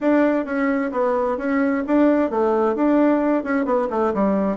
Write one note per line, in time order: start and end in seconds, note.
0.00 0.45 D4
0.45 0.91 C#4
0.91 1.37 B3
1.37 1.83 C#4
1.87 2.30 D4
2.30 2.75 A3
2.75 3.43 D4
3.43 3.65 C#4
3.65 3.88 B3
3.90 4.13 A3
4.13 4.57 G3